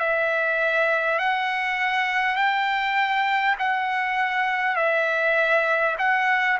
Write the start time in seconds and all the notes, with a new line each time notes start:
0.00 E5
1.19 F#5
2.36 G5
3.59 F#5
4.77 E5
5.99 F#5